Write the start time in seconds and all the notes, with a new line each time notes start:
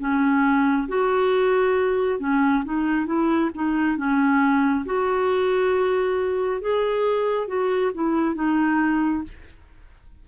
0.00 C#4
0.89 F#4
2.20 C#4
2.65 D#4
3.06 E4
3.55 D#4
3.97 C#4
4.86 F#4
6.61 G#4
7.48 F#4
7.95 E4
8.35 D#4